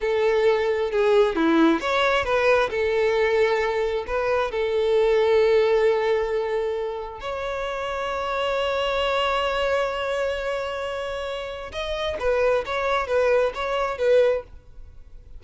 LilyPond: \new Staff \with { instrumentName = "violin" } { \time 4/4 \tempo 4 = 133 a'2 gis'4 e'4 | cis''4 b'4 a'2~ | a'4 b'4 a'2~ | a'1 |
cis''1~ | cis''1~ | cis''2 dis''4 b'4 | cis''4 b'4 cis''4 b'4 | }